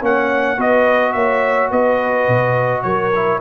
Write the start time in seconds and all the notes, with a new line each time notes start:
0.00 A#3 C#4 C#5 F#5
0.57 B3 F#4 B4 D#5
1.13 A#3 C#5 E5
1.71 B3 B4 D#5
2.28 B2
2.83 F#3 A#4 C#5
3.15 E4